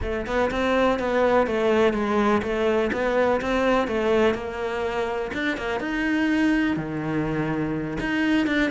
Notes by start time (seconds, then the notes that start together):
0.02 A3
0.26 B3
0.50 C4
0.99 B3
1.46 A3
1.93 G#3
2.42 A3
2.92 B3
3.41 C4
3.87 A3
4.34 A#3
5.33 D4
5.57 A#3
5.80 D#4
6.76 D#3
8.00 D#4
8.47 D4